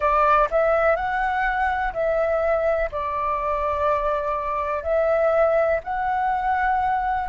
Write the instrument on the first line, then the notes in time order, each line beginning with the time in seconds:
flute
0.00 D5
0.51 E5
0.95 F#5
1.93 E5
2.91 D5
4.83 E5
5.83 F#5